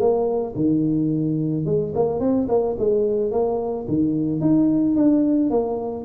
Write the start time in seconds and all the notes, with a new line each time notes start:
0.00 A#3
0.56 D#3
1.66 G#3
1.95 A#3
2.20 C4
2.49 A#3
2.79 G#3
3.32 A#3
3.89 D#3
4.41 D#4
4.96 D4
5.50 A#3